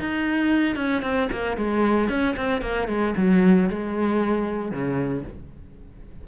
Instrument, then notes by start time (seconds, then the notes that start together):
cello
0.00 D#4
0.76 C#4
1.03 C4
1.32 A#3
1.57 G#3
2.10 C#4
2.37 C4
2.62 A#3
2.89 G#3
3.17 F#3
3.70 G#3
4.72 C#3